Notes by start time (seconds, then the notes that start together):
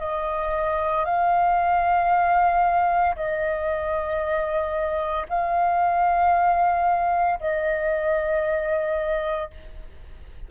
0.00 D#5
1.06 F5
3.16 D#5
5.30 F5
7.40 D#5